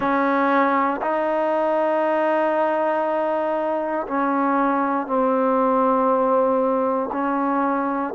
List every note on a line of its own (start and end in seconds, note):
0.00 1.00 C#4
1.01 4.06 D#4
4.07 5.06 C#4
5.06 7.10 C4
7.12 8.14 C#4